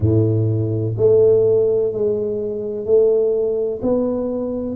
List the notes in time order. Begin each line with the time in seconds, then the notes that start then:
0.00 A2
0.97 A3
1.92 G#3
2.85 A3
3.81 B3